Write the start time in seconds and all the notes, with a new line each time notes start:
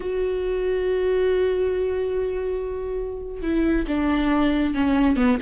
0.00 F#4
3.42 E4
3.87 D4
4.74 C#4
5.16 B3